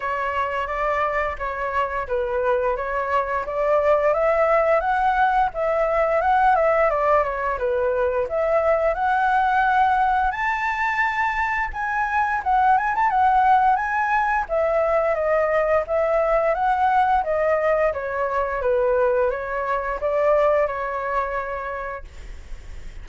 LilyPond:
\new Staff \with { instrumentName = "flute" } { \time 4/4 \tempo 4 = 87 cis''4 d''4 cis''4 b'4 | cis''4 d''4 e''4 fis''4 | e''4 fis''8 e''8 d''8 cis''8 b'4 | e''4 fis''2 a''4~ |
a''4 gis''4 fis''8 gis''16 a''16 fis''4 | gis''4 e''4 dis''4 e''4 | fis''4 dis''4 cis''4 b'4 | cis''4 d''4 cis''2 | }